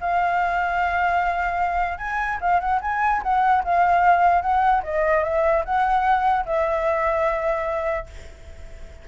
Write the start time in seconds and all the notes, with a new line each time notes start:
0.00 F5
1.98 G#5
2.41 F5
2.60 F#5
2.81 G#5
3.23 F#5
3.64 F5
4.41 F#5
4.83 D#5
5.23 E5
5.64 F#5
6.45 E5